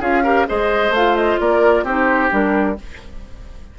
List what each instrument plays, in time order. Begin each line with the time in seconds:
0.00 bassoon C#4, clarinet F4, oboe G#4, flute F5
0.23 clarinet G4, oboe A#4
0.47 bassoon G#3, clarinet G#4, oboe C5, flute D#5
0.90 bassoon A3, flute F5
0.96 clarinet F4
1.16 flute D#5
1.40 bassoon A#3, oboe A#4, flute D5
1.83 bassoon C4, clarinet D#4, oboe G4, flute C5
2.29 bassoon G3, clarinet D4, flute A#4